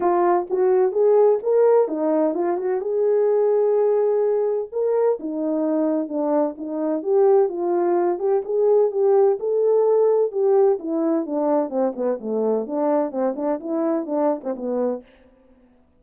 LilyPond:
\new Staff \with { instrumentName = "horn" } { \time 4/4 \tempo 4 = 128 f'4 fis'4 gis'4 ais'4 | dis'4 f'8 fis'8 gis'2~ | gis'2 ais'4 dis'4~ | dis'4 d'4 dis'4 g'4 |
f'4. g'8 gis'4 g'4 | a'2 g'4 e'4 | d'4 c'8 b8 a4 d'4 | c'8 d'8 e'4 d'8. c'16 b4 | }